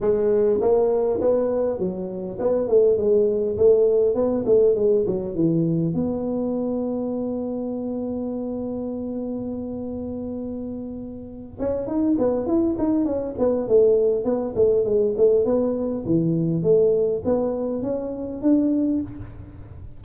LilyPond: \new Staff \with { instrumentName = "tuba" } { \time 4/4 \tempo 4 = 101 gis4 ais4 b4 fis4 | b8 a8 gis4 a4 b8 a8 | gis8 fis8 e4 b2~ | b1~ |
b2.~ b8 cis'8 | dis'8 b8 e'8 dis'8 cis'8 b8 a4 | b8 a8 gis8 a8 b4 e4 | a4 b4 cis'4 d'4 | }